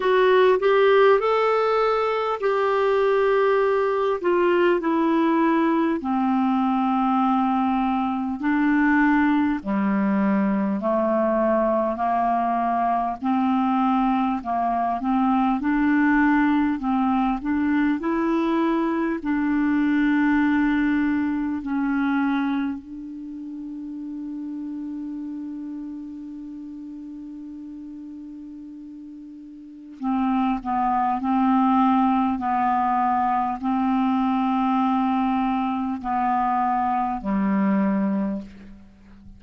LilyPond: \new Staff \with { instrumentName = "clarinet" } { \time 4/4 \tempo 4 = 50 fis'8 g'8 a'4 g'4. f'8 | e'4 c'2 d'4 | g4 a4 ais4 c'4 | ais8 c'8 d'4 c'8 d'8 e'4 |
d'2 cis'4 d'4~ | d'1~ | d'4 c'8 b8 c'4 b4 | c'2 b4 g4 | }